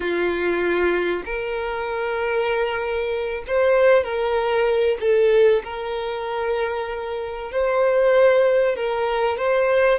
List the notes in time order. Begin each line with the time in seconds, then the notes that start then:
0.00 F4
1.25 A#4
3.47 C5
4.03 A#4
5.00 A4
5.64 A#4
7.51 C5
8.76 A#4
9.37 C5